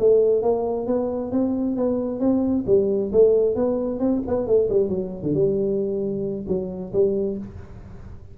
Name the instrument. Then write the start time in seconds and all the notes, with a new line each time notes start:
tuba
0.00 A3
0.43 A#3
0.87 B3
1.32 C4
1.77 B3
2.20 C4
2.67 G3
3.13 A3
3.56 B3
4.00 C4
4.28 B3
4.47 A3
4.70 G3
4.90 F#3
5.23 D3
5.34 G3
6.48 F#3
6.93 G3